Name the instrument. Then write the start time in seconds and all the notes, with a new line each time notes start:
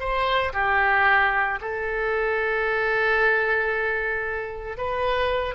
oboe
0.00 C5
0.53 G4
1.61 A4
4.78 B4